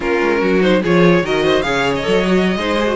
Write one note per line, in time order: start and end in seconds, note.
0.00 0.20 A#3
0.00 0.61 C#4
0.00 0.40 F4
0.00 0.62 A#4
0.21 0.42 G#3
0.40 0.83 F#3
0.40 0.81 F#4
0.61 0.81 D#4
0.61 0.82 C5
0.82 1.21 F3
0.82 1.24 F4
0.82 1.23 G#4
0.82 1.25 C#5
1.21 1.62 D#3
1.21 1.63 F#4
1.21 1.44 A#4
1.21 1.62 D#5
1.44 1.64 C5
1.62 2.04 C#3
1.62 2.03 G#4
1.62 2.58 C#5
1.62 1.92 F5
1.95 2.96 D#5
2.03 2.56 F#3
2.03 2.23 A4
2.26 2.57 F#4
2.56 2.96 G#3
2.56 2.78 D#4
2.56 2.96 C5
2.78 2.86 G#4
2.86 2.96 F#4